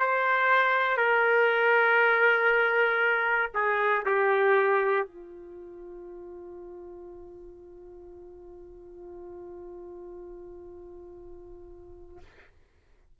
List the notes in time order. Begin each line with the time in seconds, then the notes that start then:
0.00 C5
0.98 A#4
3.54 G#4
4.06 G4
5.07 F4